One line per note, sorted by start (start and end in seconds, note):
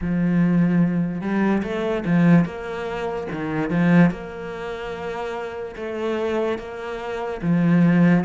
0.01 1.21 F3
1.21 1.62 G3
1.63 2.04 A3
2.05 2.45 F3
2.45 3.27 A#3
3.31 3.69 D#3
3.69 4.10 F3
4.10 5.75 A#3
5.76 6.58 A3
6.58 7.40 A#3
7.42 8.24 F3